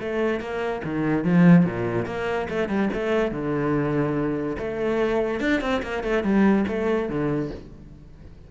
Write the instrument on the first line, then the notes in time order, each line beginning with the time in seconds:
cello
0.00 A3
0.40 A#3
0.84 D#3
1.24 F3
1.66 A#2
2.06 A#3
2.49 A3
2.69 G3
2.93 A3
3.31 D3
4.58 A3
5.40 D4
5.61 C4
5.82 A#3
6.03 A3
6.23 G3
6.68 A3
7.09 D3